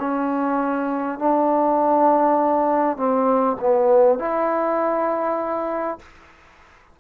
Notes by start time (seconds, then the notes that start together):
0.00 C#4
1.19 D4
2.97 C4
3.61 B3
4.19 E4